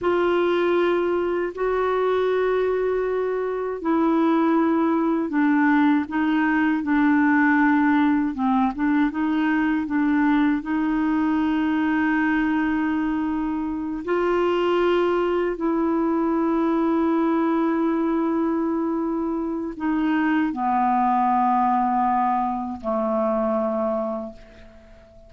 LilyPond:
\new Staff \with { instrumentName = "clarinet" } { \time 4/4 \tempo 4 = 79 f'2 fis'2~ | fis'4 e'2 d'4 | dis'4 d'2 c'8 d'8 | dis'4 d'4 dis'2~ |
dis'2~ dis'8 f'4.~ | f'8 e'2.~ e'8~ | e'2 dis'4 b4~ | b2 a2 | }